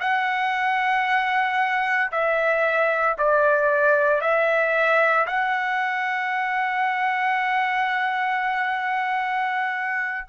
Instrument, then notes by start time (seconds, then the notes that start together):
trumpet
0.00 F#5
2.11 E5
3.18 D5
4.21 E5
5.27 F#5